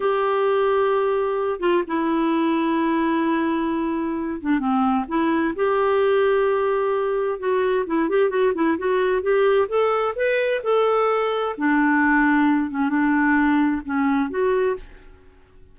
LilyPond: \new Staff \with { instrumentName = "clarinet" } { \time 4/4 \tempo 4 = 130 g'2.~ g'8 f'8 | e'1~ | e'4. d'8 c'4 e'4 | g'1 |
fis'4 e'8 g'8 fis'8 e'8 fis'4 | g'4 a'4 b'4 a'4~ | a'4 d'2~ d'8 cis'8 | d'2 cis'4 fis'4 | }